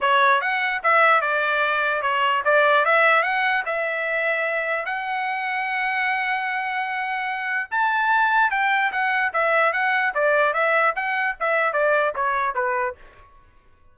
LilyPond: \new Staff \with { instrumentName = "trumpet" } { \time 4/4 \tempo 4 = 148 cis''4 fis''4 e''4 d''4~ | d''4 cis''4 d''4 e''4 | fis''4 e''2. | fis''1~ |
fis''2. a''4~ | a''4 g''4 fis''4 e''4 | fis''4 d''4 e''4 fis''4 | e''4 d''4 cis''4 b'4 | }